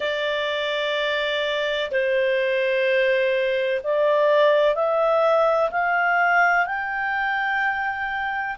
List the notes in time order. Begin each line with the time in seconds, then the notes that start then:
0.00 D5
1.90 C5
3.83 D5
4.74 E5
5.71 F5
6.65 G5